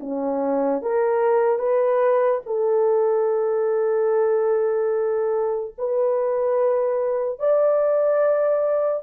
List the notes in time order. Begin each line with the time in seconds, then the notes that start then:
0.00 C#4
0.82 A#4
1.59 B4
2.46 A4
5.78 B4
7.39 D5